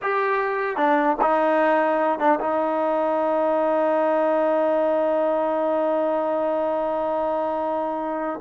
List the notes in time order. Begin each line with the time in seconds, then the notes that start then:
0.01 G4
0.76 D4
1.21 D#4
2.19 D4
2.40 D#4